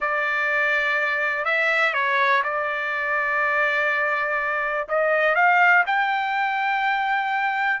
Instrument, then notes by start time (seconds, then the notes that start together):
trumpet
0.00 D5
1.44 E5
1.93 C#5
2.43 D5
4.88 D#5
5.35 F5
5.86 G5